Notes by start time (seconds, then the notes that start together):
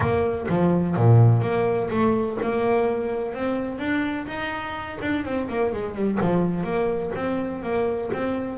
0.00 A#3
0.48 F3
0.96 A#2
1.41 A#3
1.89 A3
2.42 A#3
3.34 C4
3.79 D4
4.26 D#4
5.01 D4
5.24 C4
5.48 A#3
5.72 G#3
5.94 G3
6.21 F3
6.63 A#3
7.15 C4
7.63 A#3
8.13 C4